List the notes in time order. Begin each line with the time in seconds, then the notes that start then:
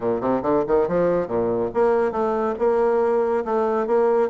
0.00 A#2
0.20 C3
0.42 D3
0.67 D#3
0.87 F3
1.27 A#2
1.74 A#3
2.11 A3
2.58 A#3
3.44 A3
3.86 A#3